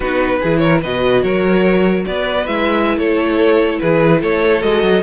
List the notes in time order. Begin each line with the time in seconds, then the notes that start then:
0.00 B3 D#4 F#4 B4
0.40 E3 E4 G#4
0.58 A#4 C#5
0.81 B2 F#4 B4 D#5
1.22 F#3 A#4 C#5
2.05 B3 B4 D5
2.46 G#3 E4 E5
2.97 A3 A4 C#5
3.79 E3 G#4 B4
4.21 A3 A4 C#5
4.60 G#3 F#4 D#5
4.82 F#3